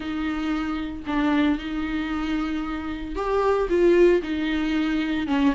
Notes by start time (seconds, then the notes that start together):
0.00 D#4
1.06 D4
1.58 D#4
3.15 G4
3.69 F4
4.22 D#4
5.27 C#4